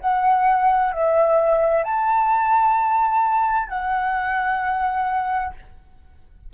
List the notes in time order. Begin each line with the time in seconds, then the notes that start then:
0.00 F#5
0.92 E5
1.84 A5
3.68 F#5